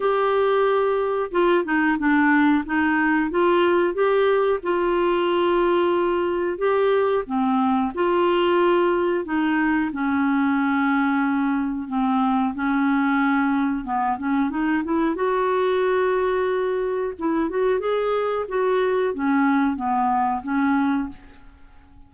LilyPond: \new Staff \with { instrumentName = "clarinet" } { \time 4/4 \tempo 4 = 91 g'2 f'8 dis'8 d'4 | dis'4 f'4 g'4 f'4~ | f'2 g'4 c'4 | f'2 dis'4 cis'4~ |
cis'2 c'4 cis'4~ | cis'4 b8 cis'8 dis'8 e'8 fis'4~ | fis'2 e'8 fis'8 gis'4 | fis'4 cis'4 b4 cis'4 | }